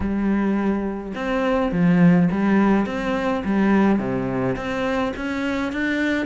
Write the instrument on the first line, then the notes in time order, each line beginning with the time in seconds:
cello
0.00 G3
1.15 C4
1.72 F3
2.31 G3
2.86 C4
3.44 G3
3.98 C3
4.56 C4
5.16 C#4
5.72 D4